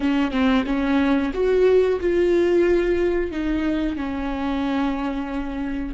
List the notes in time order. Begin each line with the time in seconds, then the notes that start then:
0.00 C#4
0.31 C4
0.66 C#4
1.33 F#4
2.00 F4
3.31 D#4
3.96 C#4